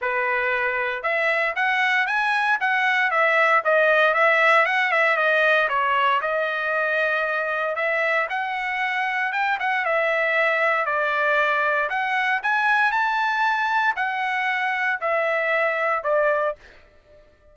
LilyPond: \new Staff \with { instrumentName = "trumpet" } { \time 4/4 \tempo 4 = 116 b'2 e''4 fis''4 | gis''4 fis''4 e''4 dis''4 | e''4 fis''8 e''8 dis''4 cis''4 | dis''2. e''4 |
fis''2 g''8 fis''8 e''4~ | e''4 d''2 fis''4 | gis''4 a''2 fis''4~ | fis''4 e''2 d''4 | }